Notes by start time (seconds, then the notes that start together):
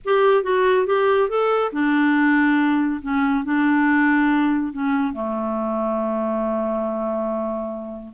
0.04 G4
0.43 F#4
0.86 G4
1.29 A4
1.72 D4
3.01 C#4
3.44 D4
4.73 C#4
5.13 A3